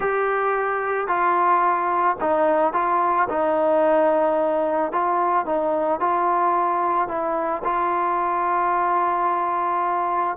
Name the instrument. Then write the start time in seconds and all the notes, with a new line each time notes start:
trombone
0.00 G4
1.07 F4
2.20 D#4
2.73 F4
3.29 D#4
4.92 F4
5.45 D#4
6.00 F4
7.08 E4
7.64 F4